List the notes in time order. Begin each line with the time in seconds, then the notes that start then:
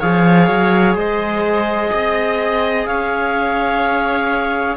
0.00 F3 G#4 C#5 F5
0.50 F#3
0.95 G#3 C5 D#5
1.92 C4 D#5
2.86 C#4 C#5 F5